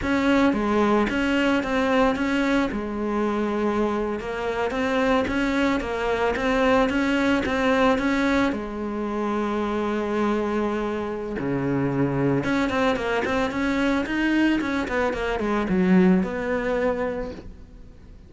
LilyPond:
\new Staff \with { instrumentName = "cello" } { \time 4/4 \tempo 4 = 111 cis'4 gis4 cis'4 c'4 | cis'4 gis2~ gis8. ais16~ | ais8. c'4 cis'4 ais4 c'16~ | c'8. cis'4 c'4 cis'4 gis16~ |
gis1~ | gis4 cis2 cis'8 c'8 | ais8 c'8 cis'4 dis'4 cis'8 b8 | ais8 gis8 fis4 b2 | }